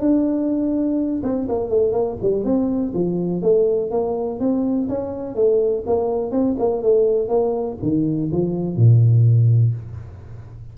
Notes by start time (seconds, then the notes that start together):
0.00 D4
1.23 C4
1.49 A#3
1.70 A3
1.92 A#3
2.22 G3
2.45 C4
2.94 F3
3.42 A3
3.91 A#3
4.40 C4
4.89 C#4
5.35 A3
5.86 A#3
6.31 C4
6.59 A#3
6.83 A3
7.28 A#3
7.83 D#3
8.32 F3
8.77 A#2